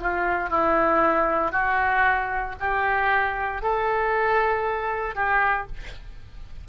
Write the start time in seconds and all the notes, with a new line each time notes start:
0.00 F4
0.50 E4
1.52 F#4
2.61 G4
3.62 A4
5.15 G4